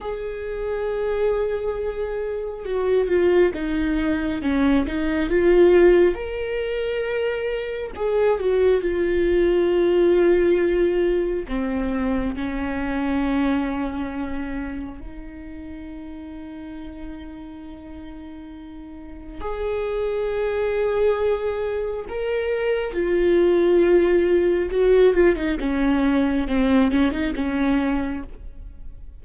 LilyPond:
\new Staff \with { instrumentName = "viola" } { \time 4/4 \tempo 4 = 68 gis'2. fis'8 f'8 | dis'4 cis'8 dis'8 f'4 ais'4~ | ais'4 gis'8 fis'8 f'2~ | f'4 c'4 cis'2~ |
cis'4 dis'2.~ | dis'2 gis'2~ | gis'4 ais'4 f'2 | fis'8 f'16 dis'16 cis'4 c'8 cis'16 dis'16 cis'4 | }